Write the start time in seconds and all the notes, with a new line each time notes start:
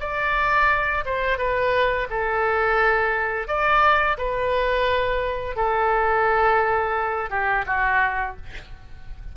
0.00 D5
1.05 C5
1.38 B4
2.10 A4
3.48 D5
4.18 B4
5.56 A4
7.30 G4
7.67 F#4